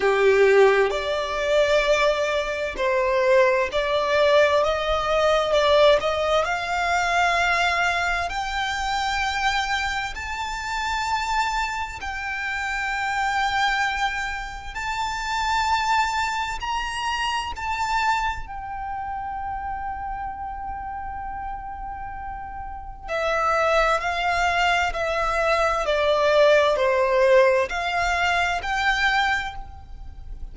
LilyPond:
\new Staff \with { instrumentName = "violin" } { \time 4/4 \tempo 4 = 65 g'4 d''2 c''4 | d''4 dis''4 d''8 dis''8 f''4~ | f''4 g''2 a''4~ | a''4 g''2. |
a''2 ais''4 a''4 | g''1~ | g''4 e''4 f''4 e''4 | d''4 c''4 f''4 g''4 | }